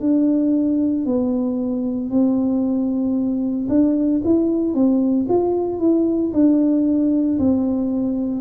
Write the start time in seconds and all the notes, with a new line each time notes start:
0.00 D4
1.05 B3
2.10 C4
3.69 D4
4.24 E4
4.74 C4
5.29 F4
5.79 E4
6.33 D4
7.39 C4